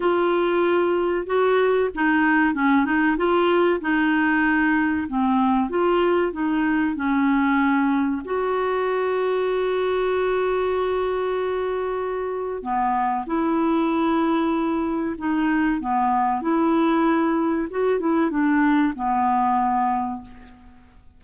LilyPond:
\new Staff \with { instrumentName = "clarinet" } { \time 4/4 \tempo 4 = 95 f'2 fis'4 dis'4 | cis'8 dis'8 f'4 dis'2 | c'4 f'4 dis'4 cis'4~ | cis'4 fis'2.~ |
fis'1 | b4 e'2. | dis'4 b4 e'2 | fis'8 e'8 d'4 b2 | }